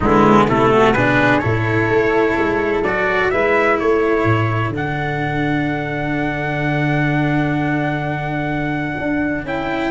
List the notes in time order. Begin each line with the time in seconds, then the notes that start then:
0.00 D3 G#3 B3 E4
0.48 C3 A3 E4 A4
0.72 F#4
0.93 B2 D4 G#4 B4
1.38 A2 E4 A4 C#5
1.88 A3
2.38 G#3
2.82 F#3 F#4 D5
3.30 G#3 E4 B4 E5
3.78 A3 A4 C#5
4.24 A2
4.69 D3 D4
4.76 F#5
8.97 D4
9.44 C#4 E4 G5